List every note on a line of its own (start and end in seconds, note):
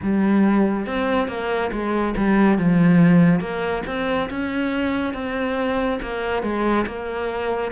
0.02 0.86 G3
0.86 1.27 C4
1.27 1.70 A#3
1.71 2.14 G#3
2.16 2.58 G3
2.58 3.39 F3
3.39 3.82 A#3
3.86 4.29 C4
4.29 5.14 C#4
5.14 5.99 C4
6.02 6.42 A#3
6.42 6.85 G#3
6.86 7.71 A#3